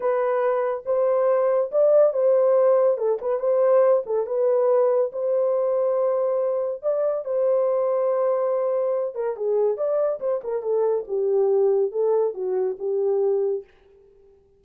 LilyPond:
\new Staff \with { instrumentName = "horn" } { \time 4/4 \tempo 4 = 141 b'2 c''2 | d''4 c''2 a'8 b'8 | c''4. a'8 b'2 | c''1 |
d''4 c''2.~ | c''4. ais'8 gis'4 d''4 | c''8 ais'8 a'4 g'2 | a'4 fis'4 g'2 | }